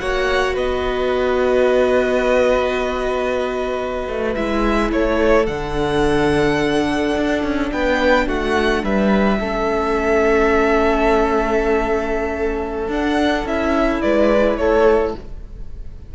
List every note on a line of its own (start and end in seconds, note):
0.00 0.57 A#3
0.00 4.36 F#4
0.00 0.55 C#5
0.00 0.56 F#5
0.55 4.08 B3
0.55 4.89 B4
0.55 4.35 D#5
4.08 4.36 A3
4.35 4.92 G#3
4.35 5.47 E4
4.35 4.91 E5
4.92 5.48 A3
4.92 7.73 A4
4.92 5.47 C#5
5.47 7.16 D3
5.47 9.39 D4
5.47 7.71 F#5
7.16 7.43 D4
7.43 7.71 C#4
7.72 8.28 B3
7.72 8.27 B4
7.72 8.28 G5
8.27 8.84 A3
8.27 8.83 F#4
8.27 8.85 F#5
8.84 9.40 G3
8.84 9.39 B4
8.84 12.91 E5
9.39 12.88 A3
9.39 12.91 C#4
9.39 14.02 A4
12.88 13.44 D4
12.88 13.47 D4
12.88 13.48 F#5
13.45 14.01 C#4
13.45 15.15 E4
13.45 14.02 E5
14.02 14.59 G#3
14.02 14.59 B4
14.02 14.58 D5
14.58 15.15 A3
14.58 15.16 A4
14.58 15.14 C#5